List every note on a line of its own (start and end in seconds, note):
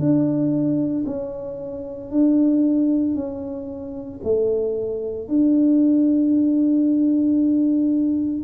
0.00 1.05 D4
1.06 2.11 C#4
2.11 3.15 D4
3.15 4.21 C#4
4.23 5.29 A3
5.29 8.44 D4